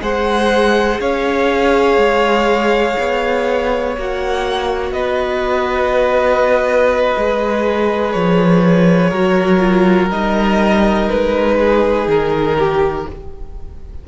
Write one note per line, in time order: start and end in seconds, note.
0.00 0.99 G#3
0.00 3.93 G#4
0.00 1.00 C5
0.00 1.00 F#5
1.00 1.97 C#4
1.00 4.93 C#5
1.00 3.95 F5
1.97 2.95 G#3
2.99 3.97 B3
3.97 4.91 A#3
3.97 7.17 F#4
3.97 4.92 F#5
4.91 7.12 B3
4.91 9.10 B4
4.91 8.12 D#5
7.17 8.15 G#3
7.17 9.14 G#4
8.12 9.12 F3
8.12 10.09 C#5
9.10 10.10 F#3
9.10 9.59 F#4
9.10 11.56 A#4
9.59 10.08 F4
10.10 11.08 G3
10.10 13.06 D#4
10.10 11.09 D#5
11.09 12.07 G#3
11.09 12.07 B4
11.59 12.58 G#4
12.07 13.05 D#3
12.07 13.08 A#4
12.58 13.07 G4